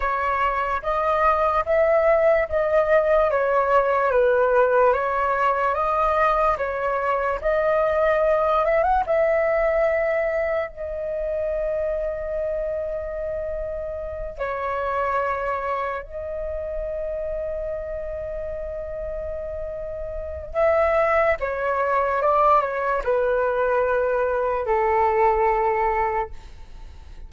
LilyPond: \new Staff \with { instrumentName = "flute" } { \time 4/4 \tempo 4 = 73 cis''4 dis''4 e''4 dis''4 | cis''4 b'4 cis''4 dis''4 | cis''4 dis''4. e''16 fis''16 e''4~ | e''4 dis''2.~ |
dis''4. cis''2 dis''8~ | dis''1~ | dis''4 e''4 cis''4 d''8 cis''8 | b'2 a'2 | }